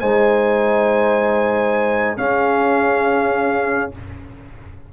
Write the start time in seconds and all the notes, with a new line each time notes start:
0.00 G#3 D#4 C5 G#5
2.18 C#4 G#4 F5